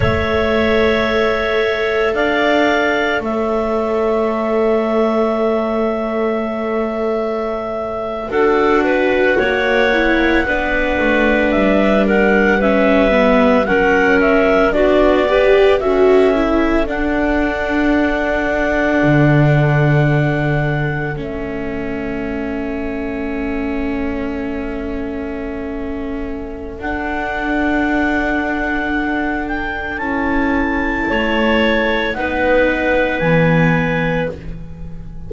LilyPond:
<<
  \new Staff \with { instrumentName = "clarinet" } { \time 4/4 \tempo 4 = 56 e''2 f''4 e''4~ | e''2.~ e''8. fis''16~ | fis''2~ fis''8. e''8 fis''8 e''16~ | e''8. fis''8 e''8 d''4 e''4 fis''16~ |
fis''2.~ fis''8. e''16~ | e''1~ | e''4 fis''2~ fis''8 g''8 | a''2 fis''4 gis''4 | }
  \new Staff \with { instrumentName = "clarinet" } { \time 4/4 cis''2 d''4 cis''4~ | cis''2.~ cis''8. a'16~ | a'16 b'8 cis''4 b'4. ais'8 b'16~ | b'8. ais'4 fis'8 b'8 a'4~ a'16~ |
a'1~ | a'1~ | a'1~ | a'4 cis''4 b'2 | }
  \new Staff \with { instrumentName = "viola" } { \time 4/4 a'1~ | a'2.~ a'8. fis'16~ | fis'4~ fis'16 e'8 d'2 cis'16~ | cis'16 b8 cis'4 d'8 g'8 fis'8 e'8 d'16~ |
d'2.~ d'8. cis'16~ | cis'1~ | cis'4 d'2. | e'2 dis'4 b4 | }
  \new Staff \with { instrumentName = "double bass" } { \time 4/4 a2 d'4 a4~ | a2.~ a8. d'16~ | d'8. ais4 b8 a8 g4~ g16~ | g8. fis4 b4 cis'4 d'16~ |
d'4.~ d'16 d2 a16~ | a1~ | a4 d'2. | cis'4 a4 b4 e4 | }
>>